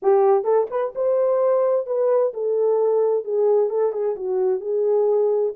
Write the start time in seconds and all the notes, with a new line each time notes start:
0.02 G4
0.44 A4
0.70 B4
0.95 C5
1.86 B4
2.33 A4
3.24 G#4
3.69 A4
3.92 G#4
4.15 F#4
4.60 G#4